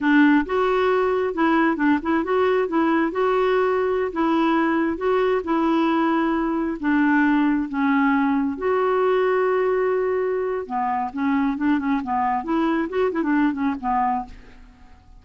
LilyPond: \new Staff \with { instrumentName = "clarinet" } { \time 4/4 \tempo 4 = 135 d'4 fis'2 e'4 | d'8 e'8 fis'4 e'4 fis'4~ | fis'4~ fis'16 e'2 fis'8.~ | fis'16 e'2. d'8.~ |
d'4~ d'16 cis'2 fis'8.~ | fis'1 | b4 cis'4 d'8 cis'8 b4 | e'4 fis'8 e'16 d'8. cis'8 b4 | }